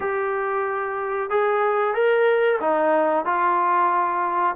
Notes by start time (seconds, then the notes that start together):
0.00 G4
1.30 G#4
1.94 A#4
2.60 D#4
3.25 F4